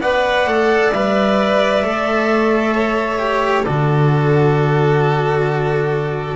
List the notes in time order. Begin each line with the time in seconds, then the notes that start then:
0.00 B3 B4 D5 F#5
0.45 A3 A4
0.92 G3 B4 E5
1.83 A3 A4
2.74 C#5
3.18 G4
3.64 D3 F#4 A4 D5